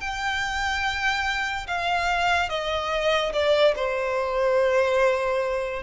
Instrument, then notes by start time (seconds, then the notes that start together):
violin
0.00 G5
1.67 F5
2.48 D#5
3.33 D5
3.75 C5